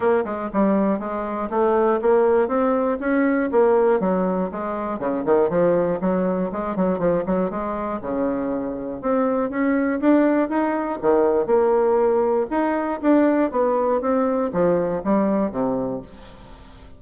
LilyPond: \new Staff \with { instrumentName = "bassoon" } { \time 4/4 \tempo 4 = 120 ais8 gis8 g4 gis4 a4 | ais4 c'4 cis'4 ais4 | fis4 gis4 cis8 dis8 f4 | fis4 gis8 fis8 f8 fis8 gis4 |
cis2 c'4 cis'4 | d'4 dis'4 dis4 ais4~ | ais4 dis'4 d'4 b4 | c'4 f4 g4 c4 | }